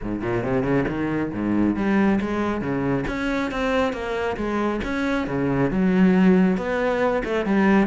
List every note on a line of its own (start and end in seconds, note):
0.01 0.21 G#2
0.21 0.43 A#2
0.43 0.62 C3
0.62 0.84 C#3
0.88 1.32 D#3
1.33 1.76 G#2
1.76 2.19 G3
2.20 2.61 G#3
2.61 3.05 C#3
3.07 3.51 C#4
3.51 3.92 C4
3.92 4.36 A#3
4.36 4.80 G#3
4.84 5.27 C#4
5.27 5.70 C#3
5.70 6.57 F#3
6.57 7.22 B3
7.24 7.45 A3
7.45 7.87 G3